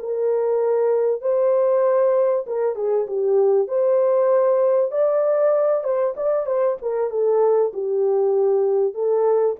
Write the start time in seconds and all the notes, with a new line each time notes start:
0.00 A#4
1.22 C5
2.47 A#4
2.76 G#4
3.07 G4
3.68 C5
4.92 D5
5.84 C5
6.17 D5
6.47 C5
6.82 A#4
7.11 A4
7.74 G4
8.95 A4